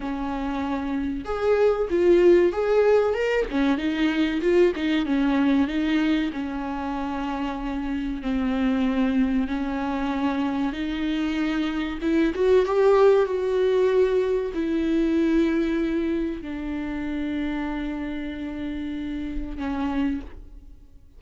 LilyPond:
\new Staff \with { instrumentName = "viola" } { \time 4/4 \tempo 4 = 95 cis'2 gis'4 f'4 | gis'4 ais'8 cis'8 dis'4 f'8 dis'8 | cis'4 dis'4 cis'2~ | cis'4 c'2 cis'4~ |
cis'4 dis'2 e'8 fis'8 | g'4 fis'2 e'4~ | e'2 d'2~ | d'2. cis'4 | }